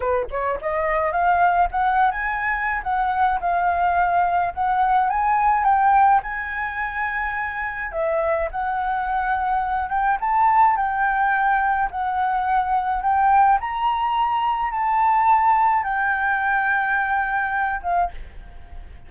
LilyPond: \new Staff \with { instrumentName = "flute" } { \time 4/4 \tempo 4 = 106 b'8 cis''8 dis''4 f''4 fis''8. gis''16~ | gis''4 fis''4 f''2 | fis''4 gis''4 g''4 gis''4~ | gis''2 e''4 fis''4~ |
fis''4. g''8 a''4 g''4~ | g''4 fis''2 g''4 | ais''2 a''2 | g''2.~ g''8 f''8 | }